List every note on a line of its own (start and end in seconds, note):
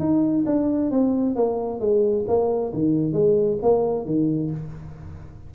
0.00 0.45 D#4
0.47 0.91 D4
0.91 1.36 C4
1.36 1.81 A#3
1.81 2.26 G#3
2.28 2.73 A#3
2.74 3.13 D#3
3.13 3.58 G#3
3.63 4.06 A#3
4.06 4.51 D#3